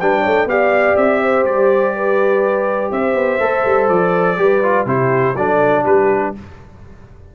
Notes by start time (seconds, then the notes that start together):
0.00 G3 D4 B4 G5
0.21 A3 C#5
0.45 B3 G4 D5 F5
0.97 C4 E5
1.23 C5
1.44 G3 D5
1.95 B4
2.92 C4 C5 E5
3.15 B3
3.40 A3 A4
3.65 G3
3.89 F3 D5
4.38 G3 G4 B4
4.63 F4
4.86 C3 E4 G4 C5
5.36 F#3 D4 A4 D5
5.83 G3 G4 B4